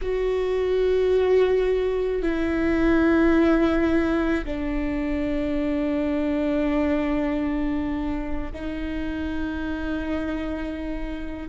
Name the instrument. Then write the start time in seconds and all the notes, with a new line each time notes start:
viola
0.01 F#4
2.22 E4
4.45 D4
8.53 D#4